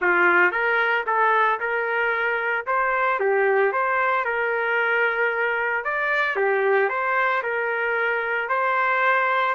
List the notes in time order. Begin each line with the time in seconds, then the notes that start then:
0.01 F4
0.51 A#4
1.06 A4
1.59 A#4
2.66 C5
3.19 G4
3.72 C5
4.25 A#4
5.84 D5
6.36 G4
6.89 C5
7.42 A#4
8.49 C5